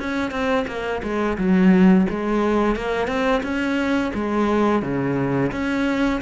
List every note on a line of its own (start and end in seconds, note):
0.00 0.31 C#4
0.31 0.66 C4
0.68 1.03 A#3
1.03 1.38 G#3
1.38 2.07 F#3
2.10 2.76 G#3
2.76 3.08 A#3
3.08 3.42 C4
3.43 4.12 C#4
4.14 4.83 G#3
4.83 5.52 C#3
5.52 6.21 C#4